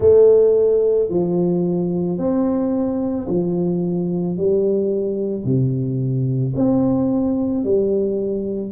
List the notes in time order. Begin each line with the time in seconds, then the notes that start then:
0.00 A3
1.09 F3
2.18 C4
3.28 F3
4.37 G3
5.44 C3
6.55 C4
7.64 G3